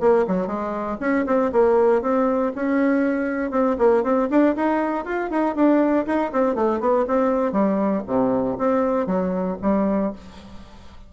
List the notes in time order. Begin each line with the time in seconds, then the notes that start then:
0.00 A#3
0.27 F#3
0.47 G#3
1.00 C#4
1.26 C4
1.52 A#3
2.02 C4
2.55 C#4
3.51 C4
3.78 A#3
4.04 C4
4.30 D4
4.56 D#4
5.05 F4
5.30 D#4
5.55 D4
6.06 D#4
6.32 C4
6.55 A3
6.80 B3
7.07 C4
7.52 G3
8.07 C3
8.58 C4
9.07 F#3
9.62 G3